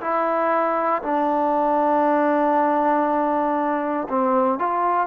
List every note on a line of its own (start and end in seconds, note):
0.00 1.02 E4
1.02 4.07 D4
4.09 4.59 C4
4.59 5.07 F4